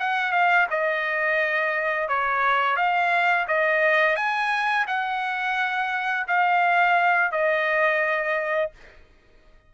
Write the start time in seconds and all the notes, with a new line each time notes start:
0.00 F#5
0.32 F5
0.71 D#5
2.09 C#5
2.77 F5
3.48 D#5
4.16 G#5
4.88 F#5
6.28 F5
7.32 D#5